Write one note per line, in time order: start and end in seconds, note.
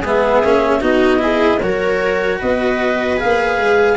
0.00 0.42 G#3
0.00 0.44 B3
0.00 0.79 G#4
0.06 0.83 E5
0.43 0.81 A#3
0.43 0.81 C#4
0.81 1.60 B3
0.81 1.19 D#4
0.81 1.20 F#4
0.81 1.60 D#5
1.19 1.58 E4
1.19 1.62 G#4
1.60 2.40 F#3
1.60 3.17 F#4
1.60 2.39 A#4
1.60 2.39 C#5
2.39 3.21 B3
2.39 3.97 B4
2.39 3.19 D#5
3.17 3.96 G#4
3.17 3.97 F5
3.24 3.59 A#3
3.59 3.97 G#3